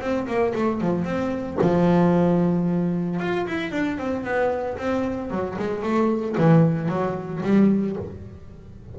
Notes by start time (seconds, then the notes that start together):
0.00 C4
0.27 A#3
0.55 A3
0.81 F3
1.05 C4
1.61 F3
3.20 F4
3.47 E4
3.71 D4
3.98 C4
4.24 B3
4.78 C4
5.30 F#3
5.59 G#3
5.83 A3
6.38 E3
6.89 F#3
7.43 G3